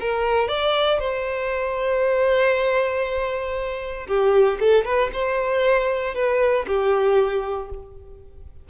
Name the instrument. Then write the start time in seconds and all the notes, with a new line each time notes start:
violin
0.00 A#4
0.48 D5
0.99 C5
4.07 G4
4.60 A4
4.85 B4
5.13 C5
6.14 B4
6.67 G4